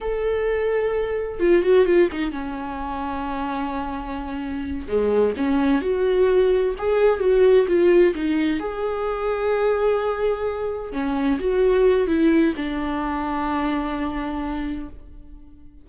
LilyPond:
\new Staff \with { instrumentName = "viola" } { \time 4/4 \tempo 4 = 129 a'2. f'8 fis'8 | f'8 dis'8 cis'2.~ | cis'2~ cis'8 gis4 cis'8~ | cis'8 fis'2 gis'4 fis'8~ |
fis'8 f'4 dis'4 gis'4.~ | gis'2.~ gis'8 cis'8~ | cis'8 fis'4. e'4 d'4~ | d'1 | }